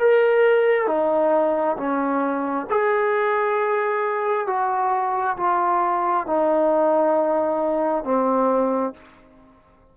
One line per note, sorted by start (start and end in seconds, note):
0.00 0.87 A#4
0.87 1.77 D#4
1.77 2.67 C#4
2.70 4.48 G#4
4.48 5.37 F#4
5.37 6.27 F4
6.27 8.04 D#4
8.04 8.94 C4